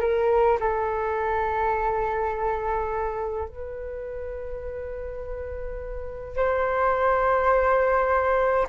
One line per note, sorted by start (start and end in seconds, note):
0.00 0.58 A#4
0.60 3.48 A4
3.48 6.36 B4
6.36 8.67 C5